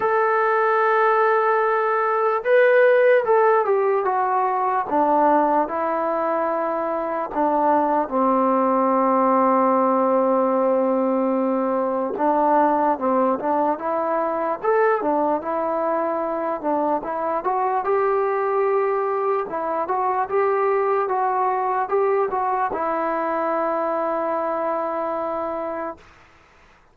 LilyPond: \new Staff \with { instrumentName = "trombone" } { \time 4/4 \tempo 4 = 74 a'2. b'4 | a'8 g'8 fis'4 d'4 e'4~ | e'4 d'4 c'2~ | c'2. d'4 |
c'8 d'8 e'4 a'8 d'8 e'4~ | e'8 d'8 e'8 fis'8 g'2 | e'8 fis'8 g'4 fis'4 g'8 fis'8 | e'1 | }